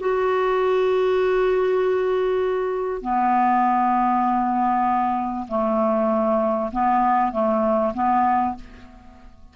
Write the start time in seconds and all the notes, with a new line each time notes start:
0.00 F#4
3.02 B3
5.49 A3
6.72 B3
7.32 A3
7.95 B3